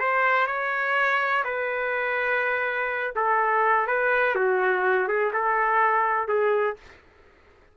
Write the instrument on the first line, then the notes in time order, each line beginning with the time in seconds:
trumpet
0.00 C5
0.47 C#5
1.45 B4
3.16 A4
3.88 B4
4.35 F#4
5.08 G#4
5.33 A4
6.28 G#4